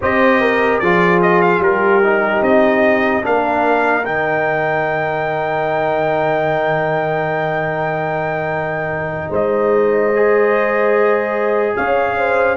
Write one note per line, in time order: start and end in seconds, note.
0.01 0.81 C4
0.01 0.82 G4
0.01 0.41 C5
0.01 0.79 D#5
0.41 0.81 A#4
0.79 1.59 F3
0.79 2.02 F4
0.79 1.62 G#4
0.79 1.19 D5
1.21 1.41 D#5
1.41 1.61 F5
1.59 2.40 G3
1.59 3.25 G4
1.59 2.42 A#4
2.02 3.22 D#4
2.41 3.22 C4
2.41 3.23 D#5
3.22 4.06 A#3
3.22 4.03 D4
3.22 9.29 A#4
3.22 4.05 F5
4.04 9.30 D#3
4.04 10.12 D#4
4.04 9.32 G5
9.29 11.73 G#3
9.29 11.73 C5
9.29 11.76 D#5
10.15 12.56 G#4
11.76 12.56 C#4
11.76 12.17 C#5
11.76 12.56 F5
12.18 12.56 C5